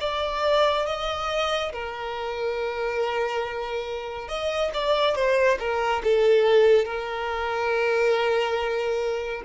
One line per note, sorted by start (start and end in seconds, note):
0.00 0.86 D5
0.86 1.72 D#5
1.72 4.28 A#4
4.28 4.71 D#5
4.74 5.15 D5
5.15 5.58 C5
5.59 6.02 A#4
6.04 6.85 A4
6.85 9.42 A#4